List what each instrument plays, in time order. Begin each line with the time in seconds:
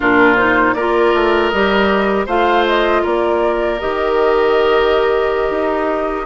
0.00 bassoon A#2, clarinet D4, oboe F4, flute A#4
0.35 clarinet D#4, flute C5
0.73 bassoon A#3, clarinet F4, oboe A#4, flute D5
1.14 bassoon A3
1.49 bassoon G3, clarinet G4, flute D#5
2.26 bassoon A3, clarinet F4, oboe C5, flute F5
2.67 flute D#5
3.02 bassoon A#3, oboe A#4, flute D5
3.79 bassoon D#3, clarinet G4, flute D#5
5.50 bassoon D#4